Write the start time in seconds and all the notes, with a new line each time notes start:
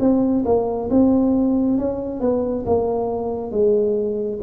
0.00 C4
0.45 A#3
0.90 C4
1.78 C#4
2.20 B3
2.66 A#3
3.51 G#3